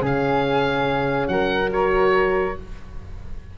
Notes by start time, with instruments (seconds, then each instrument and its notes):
0.00 tuba C#3, horn C#4, flute G#4, oboe F5
1.28 tuba F#3, flute A#4, oboe F#5
1.69 horn F#4, oboe C#5